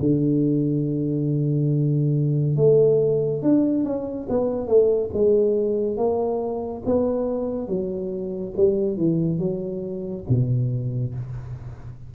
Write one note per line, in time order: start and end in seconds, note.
0.00 2.56 D3
2.56 3.42 A3
3.42 3.84 D4
3.84 4.27 C#4
4.29 4.68 B3
4.68 5.10 A3
5.14 5.97 G#3
5.97 6.83 A#3
6.86 7.68 B3
7.68 8.53 F#3
8.57 8.97 G3
8.97 9.39 E3
9.39 10.25 F#3
10.29 11.15 B2